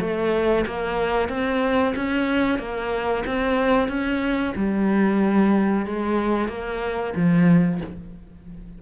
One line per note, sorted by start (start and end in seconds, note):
0.00 0.65 A3
0.66 1.29 A#3
1.29 1.94 C4
1.96 2.59 C#4
2.59 3.24 A#3
3.26 3.88 C4
3.88 4.54 C#4
4.56 5.86 G3
5.86 6.49 G#3
6.49 7.14 A#3
7.16 7.81 F3